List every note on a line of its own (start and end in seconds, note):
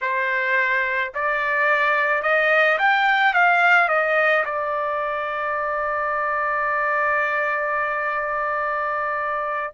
0.01 1.12 C5
1.14 2.22 D5
2.22 2.78 D#5
2.78 3.33 G5
3.33 3.88 F5
3.88 4.44 D#5
4.44 9.72 D5